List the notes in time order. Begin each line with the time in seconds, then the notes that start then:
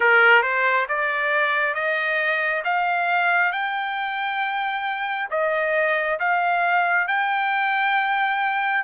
0.00 A#4
0.42 C5
0.88 D5
1.74 D#5
2.64 F5
3.51 G5
5.30 D#5
6.19 F5
7.07 G5